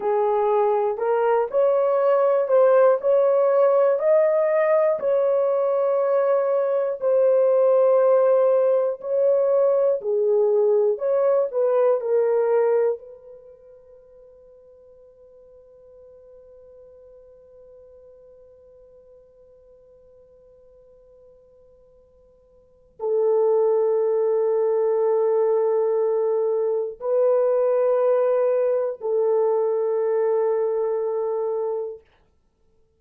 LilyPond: \new Staff \with { instrumentName = "horn" } { \time 4/4 \tempo 4 = 60 gis'4 ais'8 cis''4 c''8 cis''4 | dis''4 cis''2 c''4~ | c''4 cis''4 gis'4 cis''8 b'8 | ais'4 b'2.~ |
b'1~ | b'2. a'4~ | a'2. b'4~ | b'4 a'2. | }